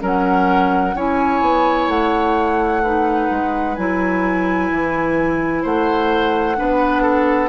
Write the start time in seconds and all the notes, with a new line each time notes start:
0.00 F#3 C#4 A#4 F#5
0.95 C#4 E4 C#5 G#5
1.41 B3
1.88 A3 F#5
2.83 D#4 B4
3.31 G#3
3.76 F#3 E4 G#5
4.72 E3
5.63 A3 C5 F#5
6.57 B3 D4 B4
7.03 A4